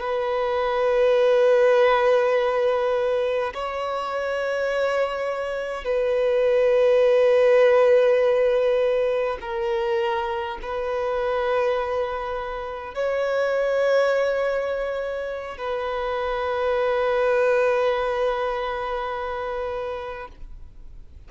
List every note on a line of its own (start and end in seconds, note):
0.00 3.53 B4
3.54 5.84 C#5
5.84 9.37 B4
9.41 10.58 A#4
10.61 12.94 B4
12.94 15.57 C#5
15.57 20.28 B4